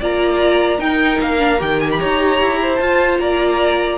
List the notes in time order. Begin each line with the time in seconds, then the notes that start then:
0.00 A#3 F4 D5 A#5
0.78 D#4 A#4 G5
1.20 A#3 F5
1.38 D4
1.58 D#3 G4 G5
1.80 G#5
1.91 B5
1.99 D#4 C#5 A#5
2.41 E4
2.61 C5
2.76 F4 A5
3.19 A#3 D5 A#5